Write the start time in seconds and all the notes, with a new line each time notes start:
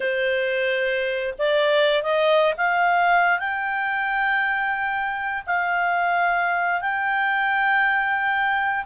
0.00 C5
1.38 D5
2.03 D#5
2.57 F5
3.39 G5
5.46 F5
6.81 G5